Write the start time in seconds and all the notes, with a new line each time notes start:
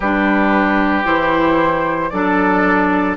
0.00 G3 D4 G4 B4
1.04 E3 E4 C5
2.10 F#3 D4 A4 D5